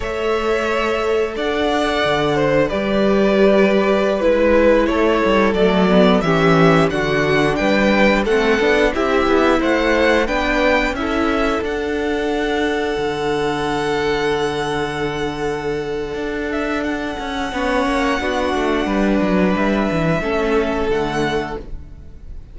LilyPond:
<<
  \new Staff \with { instrumentName = "violin" } { \time 4/4 \tempo 4 = 89 e''2 fis''2 | d''2~ d''16 b'4 cis''8.~ | cis''16 d''4 e''4 fis''4 g''8.~ | g''16 fis''4 e''4 fis''4 g''8.~ |
g''16 e''4 fis''2~ fis''8.~ | fis''1~ | fis''8 e''8 fis''2.~ | fis''4 e''2 fis''4 | }
  \new Staff \with { instrumentName = "violin" } { \time 4/4 cis''2 d''4. c''8 | b'2.~ b'16 a'8.~ | a'4~ a'16 g'4 fis'4 b'8.~ | b'16 a'4 g'4 c''4 b'8.~ |
b'16 a'2.~ a'8.~ | a'1~ | a'2 cis''4 fis'4 | b'2 a'2 | }
  \new Staff \with { instrumentName = "viola" } { \time 4/4 a'1 | g'2~ g'16 e'4.~ e'16~ | e'16 a8 b8 cis'4 d'4.~ d'16~ | d'16 c'8 d'8 e'2 d'8.~ |
d'16 e'4 d'2~ d'8.~ | d'1~ | d'2 cis'4 d'4~ | d'2 cis'4 a4 | }
  \new Staff \with { instrumentName = "cello" } { \time 4/4 a2 d'4 d4 | g2~ g16 gis4 a8 g16~ | g16 fis4 e4 d4 g8.~ | g16 a8 b8 c'8 b8 a4 b8.~ |
b16 cis'4 d'2 d8.~ | d1 | d'4. cis'8 b8 ais8 b8 a8 | g8 fis8 g8 e8 a4 d4 | }
>>